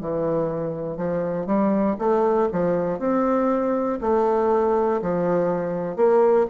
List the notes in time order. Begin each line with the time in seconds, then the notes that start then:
0.00 E3
0.97 F3
1.46 G3
1.98 A3
2.52 F3
2.99 C4
4.00 A3
5.01 F3
5.96 A#3